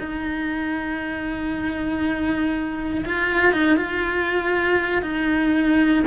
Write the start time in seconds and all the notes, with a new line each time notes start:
0.00 D#4
3.06 F4
3.53 D#4
3.77 F4
5.02 D#4